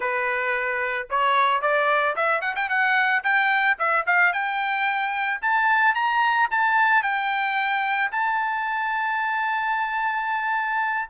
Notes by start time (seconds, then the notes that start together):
0.00 B4
1.10 C#5
1.61 D5
2.16 E5
2.41 F#5
2.55 G5
2.69 F#5
3.23 G5
3.78 E5
4.06 F5
4.32 G5
5.41 A5
5.94 A#5
6.51 A5
7.02 G5
8.11 A5